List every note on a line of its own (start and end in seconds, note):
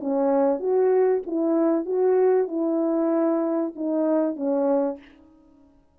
0.00 0.60 C#4
0.60 1.22 F#4
1.26 1.86 E4
1.86 2.47 F#4
2.47 3.72 E4
3.75 4.36 D#4
4.36 4.98 C#4